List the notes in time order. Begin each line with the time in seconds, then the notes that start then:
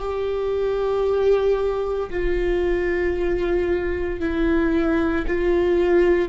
0.00 G4
2.11 F4
4.21 E4
5.28 F4